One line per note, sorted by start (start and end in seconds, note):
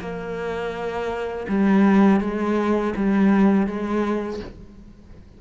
0.00 1.46 A#3
1.48 2.20 G3
2.20 2.93 G#3
2.96 3.67 G3
3.67 4.40 G#3